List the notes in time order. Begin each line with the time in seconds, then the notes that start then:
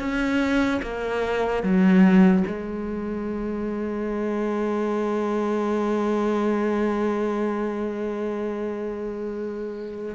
0.00 C#4
0.83 A#3
1.63 F#3
2.48 G#3